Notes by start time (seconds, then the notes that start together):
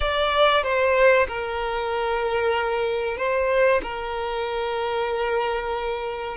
0.00 D5
0.63 C5
1.27 A#4
3.17 C5
3.83 A#4